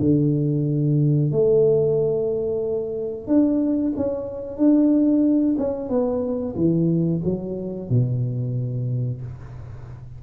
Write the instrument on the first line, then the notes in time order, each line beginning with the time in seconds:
tuba
0.00 D3
1.32 A3
3.27 D4
3.96 C#4
4.57 D4
5.58 C#4
5.89 B3
6.55 E3
7.24 F#3
7.90 B2